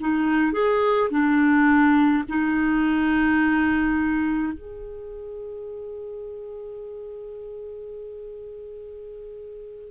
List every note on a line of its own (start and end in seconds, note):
0.00 0.52 D#4
0.52 1.09 G#4
1.10 2.23 D4
2.28 4.53 D#4
4.53 9.91 G#4